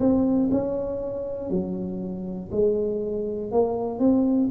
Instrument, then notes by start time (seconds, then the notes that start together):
tuba
0.00 C4
0.51 C#4
1.50 F#3
2.52 G#3
3.52 A#3
4.00 C4